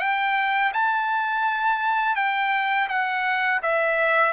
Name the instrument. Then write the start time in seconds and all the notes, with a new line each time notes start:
trumpet
0.00 G5
0.74 A5
2.16 G5
2.89 F#5
3.63 E5